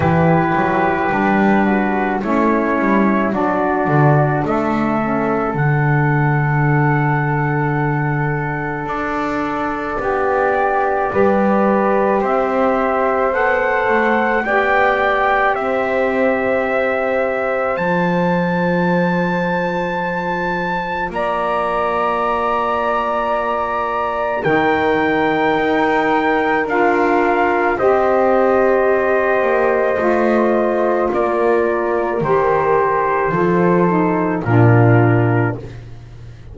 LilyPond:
<<
  \new Staff \with { instrumentName = "trumpet" } { \time 4/4 \tempo 4 = 54 b'2 cis''4 d''4 | e''4 fis''2. | d''2. e''4 | fis''4 g''4 e''2 |
a''2. ais''4~ | ais''2 g''2 | f''4 dis''2. | d''4 c''2 ais'4 | }
  \new Staff \with { instrumentName = "flute" } { \time 4/4 g'4. fis'8 e'4 fis'4 | a'1~ | a'4 g'4 b'4 c''4~ | c''4 d''4 c''2~ |
c''2. d''4~ | d''2 ais'2~ | ais'4 c''2. | ais'2 a'4 f'4 | }
  \new Staff \with { instrumentName = "saxophone" } { \time 4/4 e'4 d'4 cis'4 d'4~ | d'8 cis'8 d'2.~ | d'2 g'2 | a'4 g'2. |
f'1~ | f'2 dis'2 | f'4 g'2 f'4~ | f'4 g'4 f'8 dis'8 d'4 | }
  \new Staff \with { instrumentName = "double bass" } { \time 4/4 e8 fis8 g4 a8 g8 fis8 d8 | a4 d2. | d'4 b4 g4 c'4 | b8 a8 b4 c'2 |
f2. ais4~ | ais2 dis4 dis'4 | d'4 c'4. ais8 a4 | ais4 dis4 f4 ais,4 | }
>>